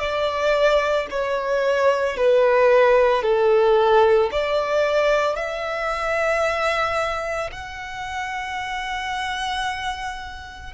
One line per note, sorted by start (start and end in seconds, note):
0.00 1.07 D5
1.11 2.17 C#5
2.17 3.23 B4
3.23 4.30 A4
4.32 5.36 D5
5.36 7.50 E5
7.52 10.74 F#5